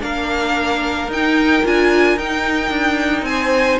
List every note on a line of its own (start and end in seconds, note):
0.00 1.08 A#3
0.00 1.08 D4
0.00 3.27 A#4
0.00 1.10 F5
1.08 1.62 D#4
1.08 1.66 G5
1.14 1.63 D#4
1.63 2.17 D4
1.63 2.17 F4
1.63 2.18 G#5
2.17 2.70 D#4
2.17 3.80 D#4
2.17 3.25 G5
2.70 3.22 D4
3.22 3.76 C4
3.22 3.80 C5
3.22 3.79 G#5